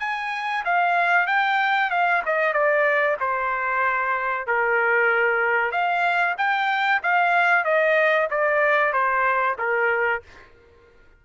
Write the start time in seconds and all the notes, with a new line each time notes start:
0.00 G#5
0.65 F5
1.27 G5
1.91 F5
2.26 D#5
2.54 D5
3.20 C5
4.47 A#4
5.72 F5
6.38 G5
7.03 F5
7.65 D#5
8.31 D5
8.93 C5
9.59 A#4